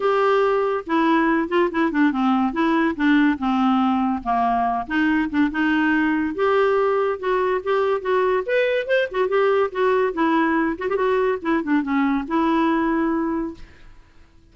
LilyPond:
\new Staff \with { instrumentName = "clarinet" } { \time 4/4 \tempo 4 = 142 g'2 e'4. f'8 | e'8 d'8 c'4 e'4 d'4 | c'2 ais4. dis'8~ | dis'8 d'8 dis'2 g'4~ |
g'4 fis'4 g'4 fis'4 | b'4 c''8 fis'8 g'4 fis'4 | e'4. fis'16 g'16 fis'4 e'8 d'8 | cis'4 e'2. | }